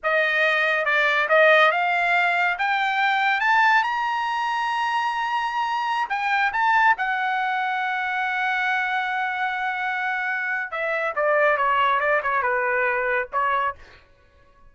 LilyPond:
\new Staff \with { instrumentName = "trumpet" } { \time 4/4 \tempo 4 = 140 dis''2 d''4 dis''4 | f''2 g''2 | a''4 ais''2.~ | ais''2~ ais''16 g''4 a''8.~ |
a''16 fis''2.~ fis''8.~ | fis''1~ | fis''4 e''4 d''4 cis''4 | d''8 cis''8 b'2 cis''4 | }